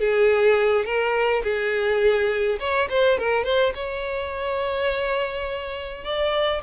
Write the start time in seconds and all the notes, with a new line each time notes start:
0.00 G#4
0.85 A#4
1.44 G#4
2.60 C#5
2.90 C5
3.18 A#4
3.44 C5
3.75 C#5
6.04 D5